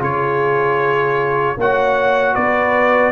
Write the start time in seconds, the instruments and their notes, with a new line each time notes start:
0.00 tuba C#3, trombone F4, horn G#4, trumpet C#5
1.57 tuba A#3, trombone F#4, horn C#5, trumpet F#5
2.34 tuba B3, horn B4, trumpet D5